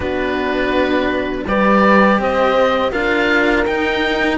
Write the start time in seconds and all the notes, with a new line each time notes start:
0.00 B3 D4 F#4 B4
1.46 G3 G4 B4 D5
2.18 C4 C5 D#5
2.92 D4 F4 A#4 F5
3.66 D#4 G5